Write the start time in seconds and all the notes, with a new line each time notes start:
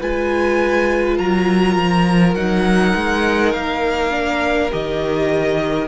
0.00 G#3 F4 B4 G#5
1.18 F#3 A#4 A#5
1.76 F3
2.35 F#3 D#4 F#5
2.96 G#3
3.53 A#3 F5
4.11 D4
4.71 D#3 G4 D#5